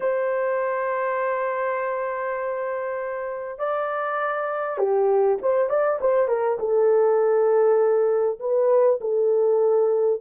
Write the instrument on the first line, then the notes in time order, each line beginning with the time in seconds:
horn
0.00 C5
3.58 D5
4.78 G4
5.42 C5
5.69 D5
6.01 C5
6.28 A#4
6.59 A4
8.39 B4
9.00 A4